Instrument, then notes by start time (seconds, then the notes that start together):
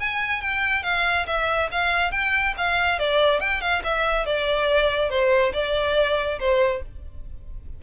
violin
0.00 G#5
0.41 G5
0.83 F5
1.27 E5
1.71 F5
2.12 G5
2.57 F5
2.99 D5
3.40 G5
3.61 F5
3.84 E5
4.26 D5
5.10 C5
5.53 D5
6.40 C5